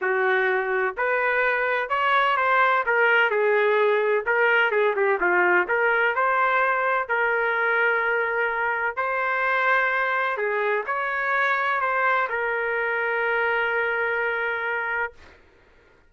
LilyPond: \new Staff \with { instrumentName = "trumpet" } { \time 4/4 \tempo 4 = 127 fis'2 b'2 | cis''4 c''4 ais'4 gis'4~ | gis'4 ais'4 gis'8 g'8 f'4 | ais'4 c''2 ais'4~ |
ais'2. c''4~ | c''2 gis'4 cis''4~ | cis''4 c''4 ais'2~ | ais'1 | }